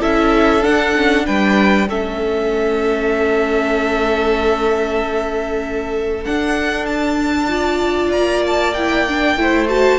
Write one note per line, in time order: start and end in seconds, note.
0.00 0.64 C#4
0.00 0.62 E4
0.00 1.26 A4
0.00 0.64 E5
0.62 0.93 D4
0.62 1.28 D4
0.62 1.26 F#5
0.95 1.26 C#4
1.26 1.88 G3
1.26 1.88 D4
1.26 1.89 B4
1.26 1.89 G5
1.88 6.26 A3
1.88 6.26 C#4
1.88 7.51 A4
1.88 6.24 E5
6.24 7.49 D4
6.24 8.15 D4
6.24 6.86 F#5
6.86 8.11 A5
7.49 8.74 F4
7.49 9.39 D5
8.12 9.37 A#3
8.12 8.43 A#5
8.47 8.74 A5
8.74 9.09 E4
8.74 9.68 G5
9.09 9.37 D4
9.37 9.99 A3
9.37 9.68 E4
9.37 9.99 C5
9.69 9.99 F#4
9.69 9.99 A5